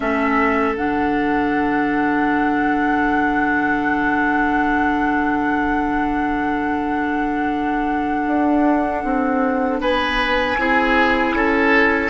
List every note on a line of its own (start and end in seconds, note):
0.00 0.75 A3
0.00 0.74 C#4
0.00 9.80 A4
0.00 0.76 E5
0.75 8.25 D3
0.75 10.57 D4
0.75 9.80 F#5
8.27 9.04 D4
9.04 9.80 C4
9.80 10.57 B3
9.80 10.57 B4
9.80 12.10 G#5
10.57 11.33 C4
10.57 12.10 E4
10.57 11.35 G#4
11.33 12.10 C#4
11.33 12.10 A4